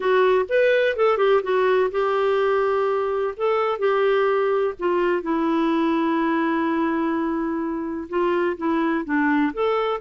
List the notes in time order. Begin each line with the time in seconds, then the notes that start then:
0.00 F#4
0.48 B4
0.96 A4
1.17 G4
1.42 F#4
1.91 G4
3.36 A4
3.78 G4
4.79 F4
5.22 E4
8.09 F4
8.57 E4
9.04 D4
9.53 A4